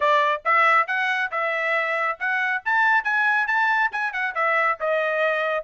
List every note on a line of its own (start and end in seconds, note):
0.00 0.42 D5
0.44 0.87 E5
0.87 1.30 F#5
1.31 2.18 E5
2.19 2.63 F#5
2.65 3.04 A5
3.04 3.47 G#5
3.47 3.90 A5
3.92 4.12 G#5
4.12 4.34 F#5
4.34 4.78 E5
4.79 5.64 D#5